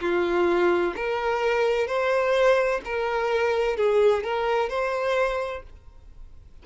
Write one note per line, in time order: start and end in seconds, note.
0.00 0.94 F4
0.95 1.87 A#4
1.87 2.81 C5
2.85 3.77 A#4
3.77 4.24 G#4
4.24 4.69 A#4
4.69 5.62 C5